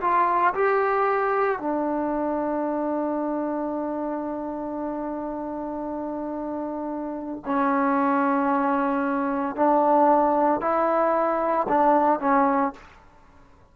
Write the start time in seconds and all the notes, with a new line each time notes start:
0.00 F4
0.54 G4
1.58 D4
7.45 C#4
9.56 D4
10.60 E4
11.68 D4
12.20 C#4